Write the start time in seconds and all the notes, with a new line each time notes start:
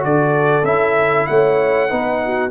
0.00 D3 F#4 A4 D5
0.63 C#4 E4 E5
1.27 A3 C#5 F#5
1.89 B3 D#4 B4
2.25 F#4